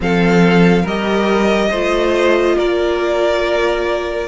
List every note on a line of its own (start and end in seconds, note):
0.00 0.84 F3
0.00 0.86 C4
0.00 0.82 A4
0.00 0.87 F5
0.82 1.69 G3
0.82 1.73 G4
0.82 1.68 A#4
0.82 2.58 D#5
1.69 2.56 A3
1.69 4.27 F4
1.69 2.55 C5
2.57 4.27 A#3
2.57 4.27 A#4
2.57 4.27 D5